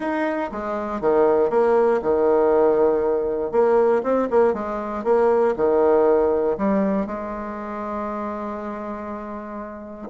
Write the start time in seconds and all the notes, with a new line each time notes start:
0.00 D#4
0.51 G#3
1.00 D#3
1.50 A#3
2.02 D#3
3.51 A#3
4.03 C4
4.30 A#3
4.53 G#3
5.04 A#3
5.56 D#3
6.57 G3
7.06 G#3